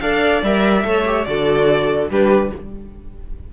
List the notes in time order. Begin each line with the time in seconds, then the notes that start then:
0.00 D4 A4 D5 F5
0.42 G3 A#4 E5
0.84 A3 A4 C#5
1.06 G4
1.24 D3 F#4 A4 D5
2.09 G3 D4 G4 B4